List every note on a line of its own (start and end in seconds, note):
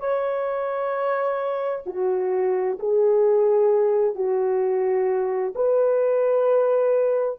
0.00 1.85 C#5
1.86 2.79 F#4
2.79 4.15 G#4
4.15 5.54 F#4
5.56 7.39 B4